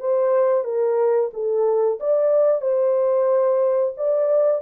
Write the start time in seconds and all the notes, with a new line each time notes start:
0.00 C5
0.64 A#4
1.33 A4
2.00 D5
2.62 C5
3.97 D5